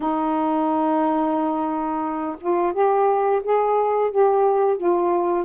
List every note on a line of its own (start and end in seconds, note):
0.00 2.36 D#4
2.40 2.73 F4
2.73 3.41 G4
3.43 4.10 G#4
4.10 4.77 G4
4.77 5.45 F4